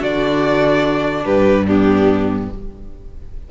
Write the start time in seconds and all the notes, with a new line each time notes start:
0.00 D3 D4 F#4 D5
1.24 G2 G4 B4
1.67 B3 D4 G4